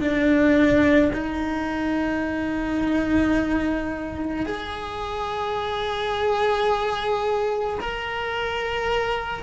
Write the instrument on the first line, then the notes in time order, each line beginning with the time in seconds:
cello
0.00 D4
1.13 D#4
4.46 G#4
7.80 A#4